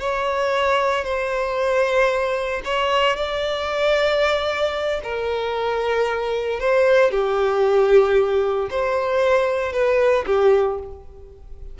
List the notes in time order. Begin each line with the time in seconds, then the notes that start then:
0.00 C#5
1.04 C5
2.65 C#5
3.17 D5
5.04 A#4
6.60 C5
7.11 G4
8.71 C5
9.73 B4
10.26 G4